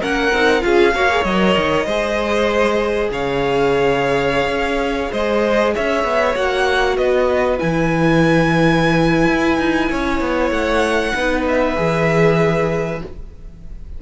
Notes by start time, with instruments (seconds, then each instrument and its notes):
0.00 cello A#3, viola C#4, violin A#4 F#5
0.32 cello C4, viola D#4
0.61 cello C#4, viola F4, violin G#4 F5
0.94 cello A#3, viola F#4, violin C#5
1.09 viola G#4
1.23 cello F#3, viola A#4, violin D#5
1.56 cello D#3
1.85 cello G#3, viola G#4, violin C5
3.10 cello C#3, violin C#5 F5
4.47 cello C#4
5.11 cello G#3, violin C5 D#5
5.74 cello C#4, violin C#5 E5
6.04 cello B3
6.35 cello A#3, viola F#4, violin F#5
6.96 cello B3, violin B4 D#5
7.58 cello E3, viola E4, violin G#5
9.28 cello E4
9.57 cello D#4
9.90 cello C#4, violin C#5
10.20 cello B3
10.50 cello A3, violin F#5
11.15 cello B3, viola D#4, violin B4
11.47 violin E5
11.76 cello E3, viola G#4